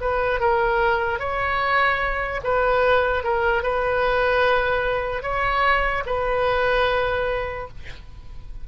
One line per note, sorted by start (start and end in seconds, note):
0.00 0.40 B4
0.40 1.19 A#4
1.19 2.41 C#5
2.43 3.24 B4
3.24 3.63 A#4
3.63 5.22 B4
5.22 6.03 C#5
6.06 7.68 B4